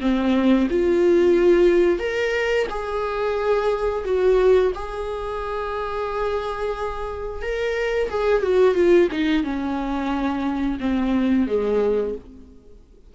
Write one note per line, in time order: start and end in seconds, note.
0.00 0.67 C4
0.70 1.99 F4
1.99 2.66 A#4
2.69 4.04 G#4
4.04 4.72 F#4
4.75 7.42 G#4
7.42 8.09 A#4
8.10 8.42 G#4
8.42 8.75 F#4
8.75 9.08 F4
9.12 9.44 D#4
9.44 10.78 C#4
10.80 11.47 C4
11.47 12.14 G#3